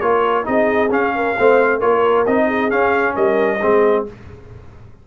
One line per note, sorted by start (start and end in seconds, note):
0.00 0.46 A#3
0.00 0.44 F4
0.00 0.46 A#4
0.00 0.45 C#5
0.44 0.92 C4
0.44 0.89 D#4
0.44 1.14 G#4
0.44 0.91 D#5
0.90 1.35 C#4
0.90 1.37 C#4
0.90 1.80 F5
1.15 1.37 A#4
1.37 1.82 A3
1.37 1.81 C4
1.37 1.78 C5
1.78 2.27 A#3
1.78 2.26 F4
1.78 2.45 A#4
1.78 2.25 C#5
2.26 2.71 C4
2.26 2.70 D#4
2.26 2.70 D#5
2.47 3.14 G#4
2.70 3.59 C#4
2.70 3.16 C#4
2.70 3.15 F5
3.14 3.61 G3
3.14 3.59 A#4
3.14 4.05 D#5
3.60 4.07 G#3
3.60 4.06 C4
3.60 4.05 G#4